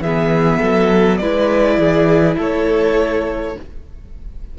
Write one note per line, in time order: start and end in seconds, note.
0.00 0.59 E3
0.00 1.23 B3
0.00 0.60 G#4
0.00 1.17 E5
0.60 1.21 F#3
0.60 1.19 A4
1.17 1.78 G#3
1.17 3.58 E4
1.17 1.79 B4
1.17 2.35 D5
1.78 2.37 E3
1.78 2.37 G#4
2.37 3.56 A3
2.37 3.55 A4
2.37 3.59 C#5